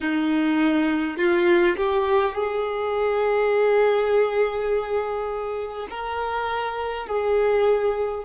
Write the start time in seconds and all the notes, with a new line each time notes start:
0.01 D#4
1.17 F4
1.76 G4
2.34 G#4
5.89 A#4
7.06 G#4